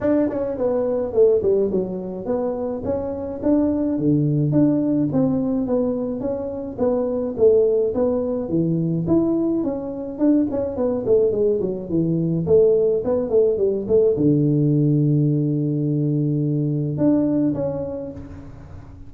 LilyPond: \new Staff \with { instrumentName = "tuba" } { \time 4/4 \tempo 4 = 106 d'8 cis'8 b4 a8 g8 fis4 | b4 cis'4 d'4 d4 | d'4 c'4 b4 cis'4 | b4 a4 b4 e4 |
e'4 cis'4 d'8 cis'8 b8 a8 | gis8 fis8 e4 a4 b8 a8 | g8 a8 d2.~ | d2 d'4 cis'4 | }